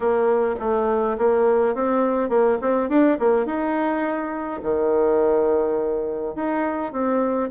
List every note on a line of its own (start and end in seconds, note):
0.00 0.55 A#3
0.59 1.17 A3
1.17 1.75 A#3
1.75 2.29 C4
2.29 2.58 A#3
2.61 2.89 C4
2.89 3.18 D4
3.19 3.45 A#3
3.45 4.60 D#4
4.62 6.35 D#3
6.35 6.92 D#4
6.92 7.49 C4